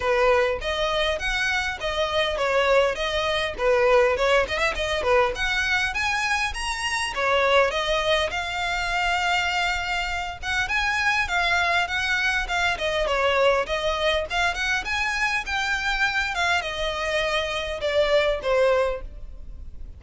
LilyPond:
\new Staff \with { instrumentName = "violin" } { \time 4/4 \tempo 4 = 101 b'4 dis''4 fis''4 dis''4 | cis''4 dis''4 b'4 cis''8 dis''16 e''16 | dis''8 b'8 fis''4 gis''4 ais''4 | cis''4 dis''4 f''2~ |
f''4. fis''8 gis''4 f''4 | fis''4 f''8 dis''8 cis''4 dis''4 | f''8 fis''8 gis''4 g''4. f''8 | dis''2 d''4 c''4 | }